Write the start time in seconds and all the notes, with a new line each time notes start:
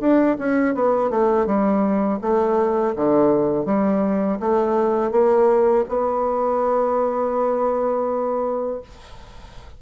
0.00 D4
0.38 C#4
0.75 B3
1.10 A3
1.46 G3
2.21 A3
2.95 D3
3.66 G3
4.40 A3
5.11 A#3
5.89 B3